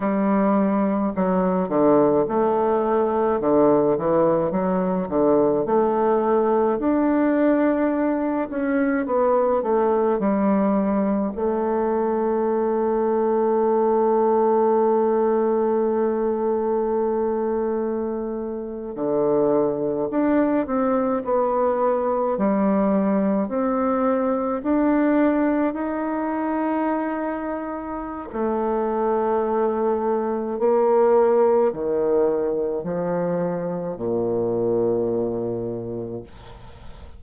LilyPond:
\new Staff \with { instrumentName = "bassoon" } { \time 4/4 \tempo 4 = 53 g4 fis8 d8 a4 d8 e8 | fis8 d8 a4 d'4. cis'8 | b8 a8 g4 a2~ | a1~ |
a8. d4 d'8 c'8 b4 g16~ | g8. c'4 d'4 dis'4~ dis'16~ | dis'4 a2 ais4 | dis4 f4 ais,2 | }